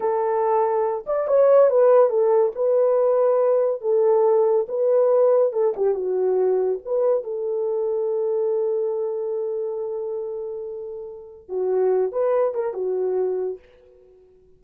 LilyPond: \new Staff \with { instrumentName = "horn" } { \time 4/4 \tempo 4 = 141 a'2~ a'8 d''8 cis''4 | b'4 a'4 b'2~ | b'4 a'2 b'4~ | b'4 a'8 g'8 fis'2 |
b'4 a'2.~ | a'1~ | a'2. fis'4~ | fis'8 b'4 ais'8 fis'2 | }